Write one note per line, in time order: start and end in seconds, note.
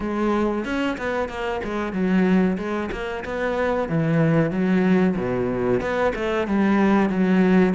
0.00 0.65 G#3
0.65 0.97 C#4
0.97 1.28 B3
1.28 1.60 A#3
1.63 1.92 G#3
1.92 2.57 F#3
2.57 2.90 G#3
2.91 3.23 A#3
3.24 3.89 B3
3.89 4.50 E3
4.50 5.15 F#3
5.16 5.80 B2
5.80 6.13 B3
6.15 6.47 A3
6.47 7.09 G3
7.09 7.74 F#3